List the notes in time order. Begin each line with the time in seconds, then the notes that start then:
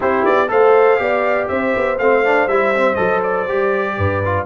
0.00 C4 E4 G4 C5
0.24 B3 D5
0.47 A3 A4 C5 F5
0.97 B3 G4 D5
1.48 C4 C5 E5
1.76 B3
1.98 A3 C4 F5
2.24 D4
2.47 G3 E4 E5
2.74 C4
2.95 F#3 A4 D#5
3.22 D5
3.48 G3 G4
3.97 G2 B4
4.25 F4